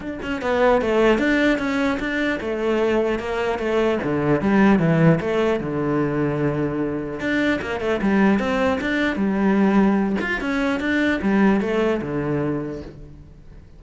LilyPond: \new Staff \with { instrumentName = "cello" } { \time 4/4 \tempo 4 = 150 d'8 cis'8 b4 a4 d'4 | cis'4 d'4 a2 | ais4 a4 d4 g4 | e4 a4 d2~ |
d2 d'4 ais8 a8 | g4 c'4 d'4 g4~ | g4. f'8 cis'4 d'4 | g4 a4 d2 | }